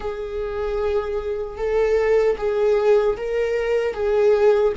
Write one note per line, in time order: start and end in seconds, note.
0.00 1.57 G#4
1.57 2.36 A4
2.37 3.16 G#4
3.16 3.93 A#4
3.93 4.72 G#4